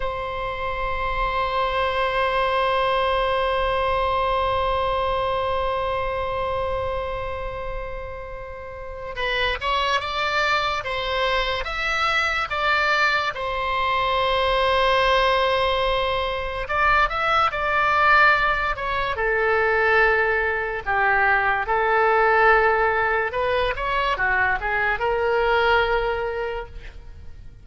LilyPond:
\new Staff \with { instrumentName = "oboe" } { \time 4/4 \tempo 4 = 72 c''1~ | c''1~ | c''2. b'8 cis''8 | d''4 c''4 e''4 d''4 |
c''1 | d''8 e''8 d''4. cis''8 a'4~ | a'4 g'4 a'2 | b'8 cis''8 fis'8 gis'8 ais'2 | }